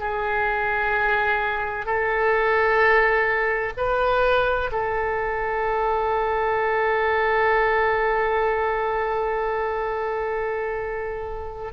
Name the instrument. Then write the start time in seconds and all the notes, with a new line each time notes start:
oboe
0.00 G#4
1.86 A4
3.77 B4
4.72 A4